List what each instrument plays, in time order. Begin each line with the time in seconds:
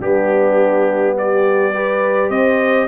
0.00 tuba G3, trombone B3, horn D4, trumpet G4
1.18 horn G4, trumpet D5
1.74 trombone G4, horn B4
2.30 tuba C4, horn C5, trumpet D#5